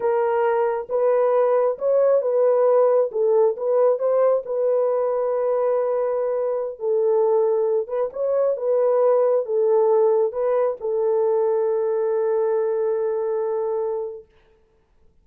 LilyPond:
\new Staff \with { instrumentName = "horn" } { \time 4/4 \tempo 4 = 135 ais'2 b'2 | cis''4 b'2 a'4 | b'4 c''4 b'2~ | b'2.~ b'16 a'8.~ |
a'4.~ a'16 b'8 cis''4 b'8.~ | b'4~ b'16 a'2 b'8.~ | b'16 a'2.~ a'8.~ | a'1 | }